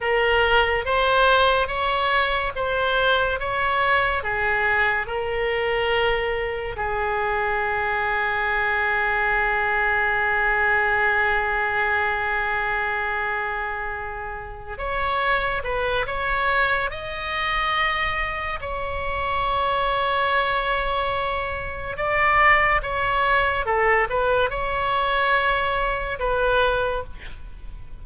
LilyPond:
\new Staff \with { instrumentName = "oboe" } { \time 4/4 \tempo 4 = 71 ais'4 c''4 cis''4 c''4 | cis''4 gis'4 ais'2 | gis'1~ | gis'1~ |
gis'4. cis''4 b'8 cis''4 | dis''2 cis''2~ | cis''2 d''4 cis''4 | a'8 b'8 cis''2 b'4 | }